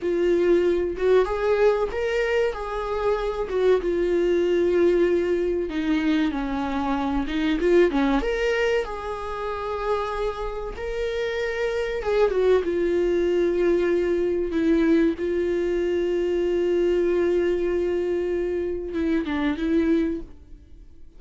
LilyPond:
\new Staff \with { instrumentName = "viola" } { \time 4/4 \tempo 4 = 95 f'4. fis'8 gis'4 ais'4 | gis'4. fis'8 f'2~ | f'4 dis'4 cis'4. dis'8 | f'8 cis'8 ais'4 gis'2~ |
gis'4 ais'2 gis'8 fis'8 | f'2. e'4 | f'1~ | f'2 e'8 d'8 e'4 | }